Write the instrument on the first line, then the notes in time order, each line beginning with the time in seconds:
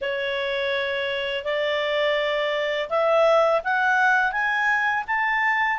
clarinet
0.01 C#5
1.44 D5
2.89 E5
3.64 F#5
4.31 G#5
5.07 A5